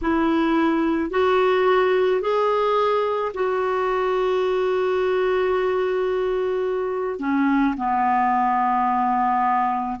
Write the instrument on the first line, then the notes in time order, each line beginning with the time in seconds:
clarinet
0.01 E4
1.10 F#4
2.21 G#4
3.34 F#4
7.19 C#4
7.77 B3